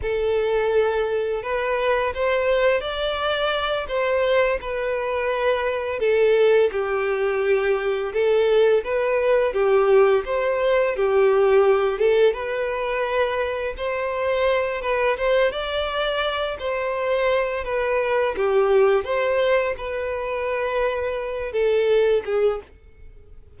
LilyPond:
\new Staff \with { instrumentName = "violin" } { \time 4/4 \tempo 4 = 85 a'2 b'4 c''4 | d''4. c''4 b'4.~ | b'8 a'4 g'2 a'8~ | a'8 b'4 g'4 c''4 g'8~ |
g'4 a'8 b'2 c''8~ | c''4 b'8 c''8 d''4. c''8~ | c''4 b'4 g'4 c''4 | b'2~ b'8 a'4 gis'8 | }